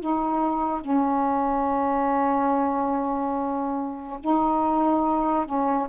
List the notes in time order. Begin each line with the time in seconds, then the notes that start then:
0.00 D#4
0.81 C#4
4.20 D#4
5.45 C#4